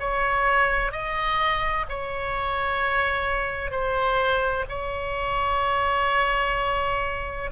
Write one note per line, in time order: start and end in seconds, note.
0.00 0.92 C#5
0.92 1.86 D#5
1.89 3.71 C#5
3.71 4.65 C5
4.70 7.51 C#5